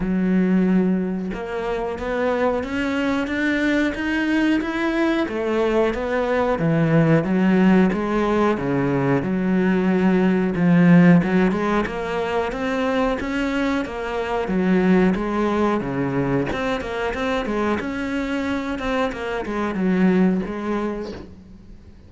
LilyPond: \new Staff \with { instrumentName = "cello" } { \time 4/4 \tempo 4 = 91 fis2 ais4 b4 | cis'4 d'4 dis'4 e'4 | a4 b4 e4 fis4 | gis4 cis4 fis2 |
f4 fis8 gis8 ais4 c'4 | cis'4 ais4 fis4 gis4 | cis4 c'8 ais8 c'8 gis8 cis'4~ | cis'8 c'8 ais8 gis8 fis4 gis4 | }